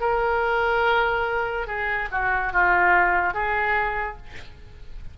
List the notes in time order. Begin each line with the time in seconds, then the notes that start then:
0.00 A#4
1.67 G#4
2.11 F#4
2.53 F4
3.34 G#4